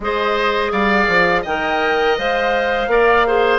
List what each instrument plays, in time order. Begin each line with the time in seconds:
0.00 bassoon G#3, clarinet G#4, oboe C5, flute D#5
0.72 bassoon G3, oboe D5, flute F5
1.08 bassoon F3
1.42 bassoon D#3, clarinet A#4, oboe D#5, flute G5
2.17 bassoon G#3, clarinet C5, flute F5
2.87 bassoon A#3, clarinet A#4, oboe D5
3.26 clarinet G#4, oboe C5